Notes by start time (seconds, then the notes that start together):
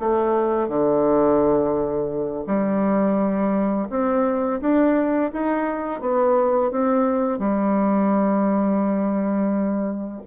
0.00 A3
0.69 D3
2.47 G3
3.90 C4
4.61 D4
5.33 D#4
6.01 B3
6.72 C4
7.39 G3